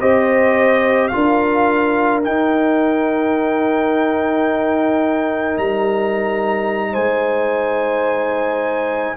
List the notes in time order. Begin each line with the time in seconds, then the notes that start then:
0.00 C4 G4 C5 D#5
1.08 F4 F5
1.15 D4 A#4
2.23 D#4 G5
5.57 G3 A#5
6.92 G#3 C5 G#5